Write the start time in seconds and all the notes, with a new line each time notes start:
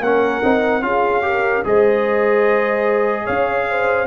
0.00 A#3 C#4 A#4 F#5
0.43 C4 D#4
0.82 C#4 F4 G#4 F5
1.22 G4 A#4
1.64 G#3 G#4 C5 D#5
3.24 C#4 C#5 F5
3.69 C5